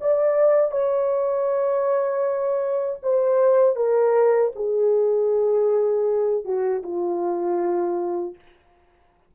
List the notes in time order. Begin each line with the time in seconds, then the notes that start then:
0.00 D5
0.71 C#5
3.02 C5
3.76 A#4
4.55 G#4
6.44 F#4
6.83 F4